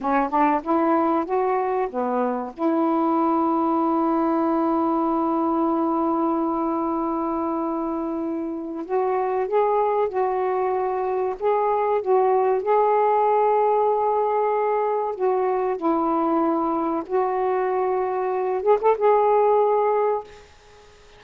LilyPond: \new Staff \with { instrumentName = "saxophone" } { \time 4/4 \tempo 4 = 95 cis'8 d'8 e'4 fis'4 b4 | e'1~ | e'1~ | e'2 fis'4 gis'4 |
fis'2 gis'4 fis'4 | gis'1 | fis'4 e'2 fis'4~ | fis'4. gis'16 a'16 gis'2 | }